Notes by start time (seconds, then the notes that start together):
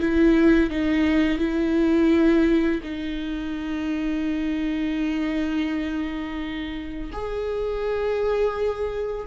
0.00 E4
0.70 D#4
1.38 E4
2.83 D#4
7.13 G#4